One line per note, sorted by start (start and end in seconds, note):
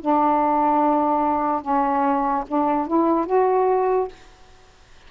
0.00 1.61 D4
1.61 2.44 C#4
2.47 2.87 D4
2.87 3.26 E4
3.26 4.08 F#4